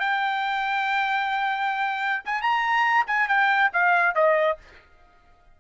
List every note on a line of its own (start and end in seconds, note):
0.00 2.23 G5
2.26 2.42 G#5
2.42 3.06 A#5
3.07 3.28 G#5
3.28 3.71 G5
3.74 4.15 F5
4.15 4.58 D#5